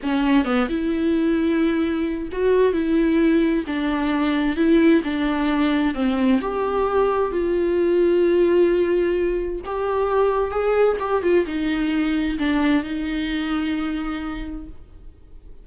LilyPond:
\new Staff \with { instrumentName = "viola" } { \time 4/4 \tempo 4 = 131 cis'4 b8 e'2~ e'8~ | e'4 fis'4 e'2 | d'2 e'4 d'4~ | d'4 c'4 g'2 |
f'1~ | f'4 g'2 gis'4 | g'8 f'8 dis'2 d'4 | dis'1 | }